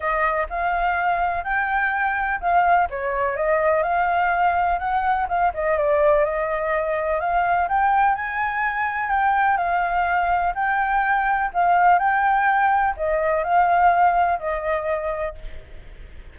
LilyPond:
\new Staff \with { instrumentName = "flute" } { \time 4/4 \tempo 4 = 125 dis''4 f''2 g''4~ | g''4 f''4 cis''4 dis''4 | f''2 fis''4 f''8 dis''8 | d''4 dis''2 f''4 |
g''4 gis''2 g''4 | f''2 g''2 | f''4 g''2 dis''4 | f''2 dis''2 | }